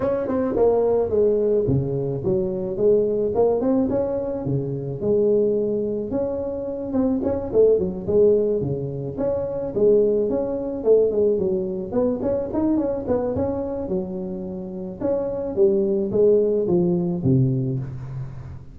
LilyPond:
\new Staff \with { instrumentName = "tuba" } { \time 4/4 \tempo 4 = 108 cis'8 c'8 ais4 gis4 cis4 | fis4 gis4 ais8 c'8 cis'4 | cis4 gis2 cis'4~ | cis'8 c'8 cis'8 a8 fis8 gis4 cis8~ |
cis8 cis'4 gis4 cis'4 a8 | gis8 fis4 b8 cis'8 dis'8 cis'8 b8 | cis'4 fis2 cis'4 | g4 gis4 f4 c4 | }